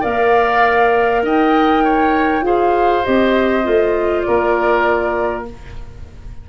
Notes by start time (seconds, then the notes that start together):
0.00 A#3 A#4 D5 F5
1.22 D#4 D#5 G5
1.84 C#5
2.41 F4 G#4 C5 F5
3.04 C4 G4 D#5
3.63 A3 F4
4.21 A#4 D5
4.28 A#3